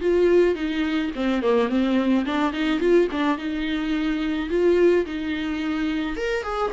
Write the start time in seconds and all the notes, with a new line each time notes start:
0.00 F4
0.55 D#4
1.15 C4
1.42 A#3
1.69 C4
2.25 D4
2.52 D#4
2.79 F4
3.11 D4
3.37 D#4
4.49 F4
5.05 D#4
6.16 A#4
6.43 G#4